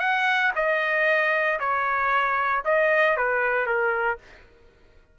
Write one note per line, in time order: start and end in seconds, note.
0.00 0.52 F#5
0.56 1.59 D#5
1.60 2.63 C#5
2.65 3.17 D#5
3.17 3.67 B4
3.67 4.18 A#4